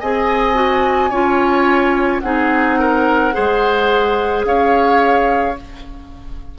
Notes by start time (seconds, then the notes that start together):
0.00 C4 G#4 D#5 G#5
0.54 F#4
1.10 C#4 F4 C#5
2.21 C4 D#4 G#4 F#5
2.80 A#4
3.33 G#3 G#4 C5
4.45 C#4 C#5 F5